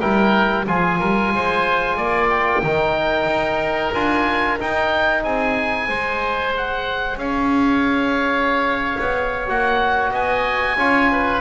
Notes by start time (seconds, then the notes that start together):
0.00 G3 E4 A#4 G5
0.67 F3 F4 G#4 G#5
0.99 G3 A#4
1.32 G#3 C5
1.97 A#3 D5
2.29 G5
2.63 D#3 D#4 A#4
3.25 D#4
3.93 D4 F4 G#5
4.60 D#4 G5
5.23 C4 G#4 G#5
5.88 G#3 G#4 C5
6.57 F#5
7.17 C#4 C#5 F5
9.00 B3
9.46 A#3 F#4 F#5
10.11 B3 D#5 G#5
10.76 C#4 F4 C#5
11.11 B4